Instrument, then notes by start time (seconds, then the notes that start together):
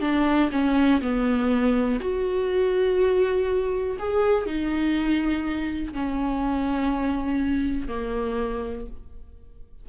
viola
0.00 D4
0.51 C#4
1.01 B3
2.00 F#4
3.98 G#4
4.46 D#4
5.93 C#4
7.87 A#3